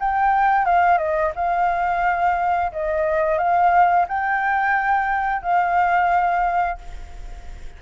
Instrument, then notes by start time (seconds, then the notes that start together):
flute
0.00 G5
0.65 F5
0.98 D#5
1.35 F5
2.72 D#5
3.38 F5
4.08 G5
5.42 F5